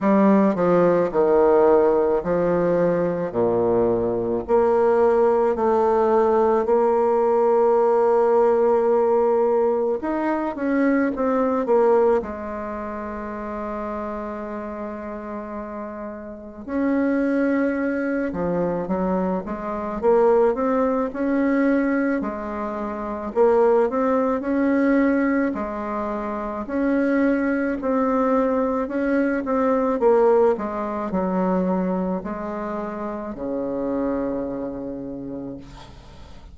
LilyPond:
\new Staff \with { instrumentName = "bassoon" } { \time 4/4 \tempo 4 = 54 g8 f8 dis4 f4 ais,4 | ais4 a4 ais2~ | ais4 dis'8 cis'8 c'8 ais8 gis4~ | gis2. cis'4~ |
cis'8 f8 fis8 gis8 ais8 c'8 cis'4 | gis4 ais8 c'8 cis'4 gis4 | cis'4 c'4 cis'8 c'8 ais8 gis8 | fis4 gis4 cis2 | }